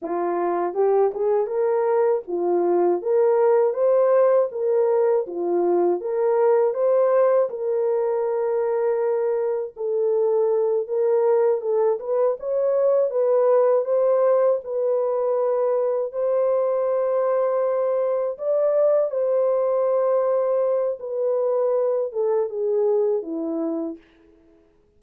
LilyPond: \new Staff \with { instrumentName = "horn" } { \time 4/4 \tempo 4 = 80 f'4 g'8 gis'8 ais'4 f'4 | ais'4 c''4 ais'4 f'4 | ais'4 c''4 ais'2~ | ais'4 a'4. ais'4 a'8 |
b'8 cis''4 b'4 c''4 b'8~ | b'4. c''2~ c''8~ | c''8 d''4 c''2~ c''8 | b'4. a'8 gis'4 e'4 | }